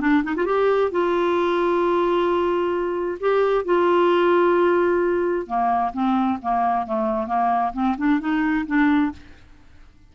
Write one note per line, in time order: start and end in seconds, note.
0.00 0.23 D4
0.23 0.35 D#4
0.36 0.45 F4
0.45 0.91 G4
0.91 3.18 F4
3.19 3.64 G4
3.64 5.46 F4
5.46 5.92 A#3
5.93 6.38 C4
6.42 6.86 A#3
6.86 7.26 A3
7.26 7.72 A#3
7.73 7.95 C4
7.97 8.20 D4
8.20 8.65 D#4
8.66 9.12 D4